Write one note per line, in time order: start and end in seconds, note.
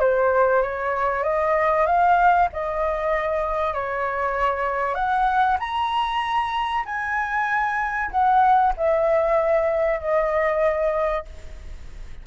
0.00 0.62 C5
0.62 1.23 C#5
1.23 1.86 D#5
1.86 2.49 F5
2.52 3.74 D#5
3.74 4.95 C#5
4.95 5.57 F#5
5.59 6.84 A#5
6.86 8.11 G#5
8.11 8.73 F#5
8.77 10.00 E5
10.00 11.25 D#5